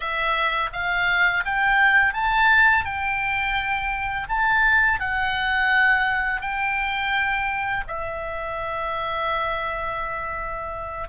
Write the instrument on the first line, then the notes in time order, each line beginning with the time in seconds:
oboe
0.00 E5
0.72 F5
1.45 G5
2.13 A5
2.84 G5
4.29 A5
5.00 F#5
6.41 G5
7.87 E5